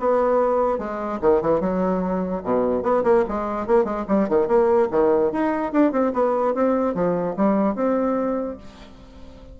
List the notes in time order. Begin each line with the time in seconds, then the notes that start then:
0.00 B3
0.78 G#3
1.21 D#3
1.42 E3
1.60 F#3
2.44 B2
2.83 B3
3.04 A#3
3.29 G#3
3.67 A#3
3.84 G#3
4.08 G3
4.29 D#3
4.48 A#3
4.91 D#3
5.32 D#4
5.73 D4
5.92 C4
6.13 B3
6.55 C4
6.95 F3
7.37 G3
7.75 C4